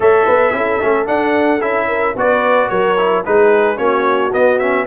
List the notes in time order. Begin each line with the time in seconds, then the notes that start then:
0.00 A3 A4 C#5 E5
0.25 B3 B4
0.52 C#4 E4 A4
0.80 A3 C#4
1.06 D4 F#5
1.60 C#4 E4 E5
1.87 A#4
2.16 B3 F#4 B4 D5
2.68 F#3 A#4 C#5
2.97 E4
3.25 G#3 D#4 G#4 B4
3.76 A#3 C#4 F#4 C#5
4.32 B3 D#5
4.58 C#4 E5